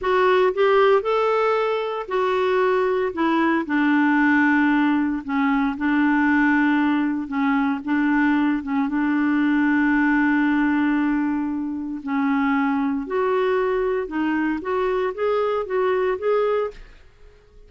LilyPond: \new Staff \with { instrumentName = "clarinet" } { \time 4/4 \tempo 4 = 115 fis'4 g'4 a'2 | fis'2 e'4 d'4~ | d'2 cis'4 d'4~ | d'2 cis'4 d'4~ |
d'8 cis'8 d'2.~ | d'2. cis'4~ | cis'4 fis'2 dis'4 | fis'4 gis'4 fis'4 gis'4 | }